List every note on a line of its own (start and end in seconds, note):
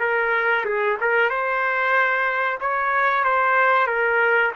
0.00 0.65 A#4
0.65 0.97 G#4
1.01 1.30 A#4
1.30 2.59 C5
2.61 3.24 C#5
3.24 3.87 C5
3.87 4.52 A#4